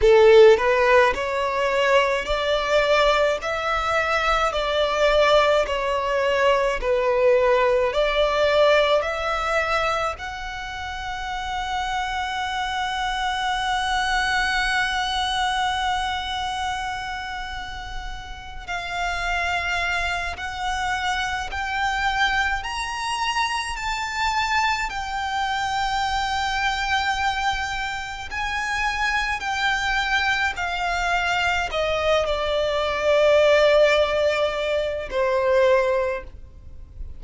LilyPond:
\new Staff \with { instrumentName = "violin" } { \time 4/4 \tempo 4 = 53 a'8 b'8 cis''4 d''4 e''4 | d''4 cis''4 b'4 d''4 | e''4 fis''2.~ | fis''1~ |
fis''8 f''4. fis''4 g''4 | ais''4 a''4 g''2~ | g''4 gis''4 g''4 f''4 | dis''8 d''2~ d''8 c''4 | }